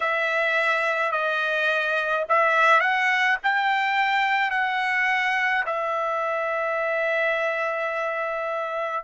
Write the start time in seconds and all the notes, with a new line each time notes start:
0.00 E5
1.11 D#5
2.28 E5
2.80 F#5
3.43 G5
4.50 F#5
5.66 E5